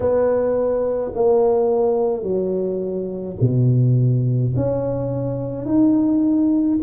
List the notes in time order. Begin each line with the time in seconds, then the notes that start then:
0.00 B3
1.14 A#3
2.22 F#3
3.41 B2
4.55 C#4
5.65 D#4